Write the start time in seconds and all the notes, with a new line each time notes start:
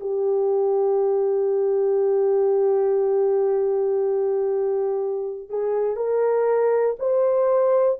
0.00 G4
5.49 G#4
5.96 A#4
6.99 C5